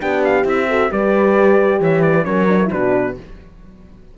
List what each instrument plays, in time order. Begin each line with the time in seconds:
0.00 cello B3, horn D4 G4, trumpet G5
0.25 trumpet F5
0.44 cello C4, horn E4, trumpet E5
0.69 horn F#4 A4
0.90 cello G3, horn G4 B4, trumpet D5
1.80 cello E3, horn C#5, trumpet E5
2.03 horn B4, trumpet D5
2.25 cello F#3, horn C#4 A#4, trumpet C#5
2.49 horn D4
2.63 horn E4
2.72 cello B2, horn D4 F#4, trumpet B4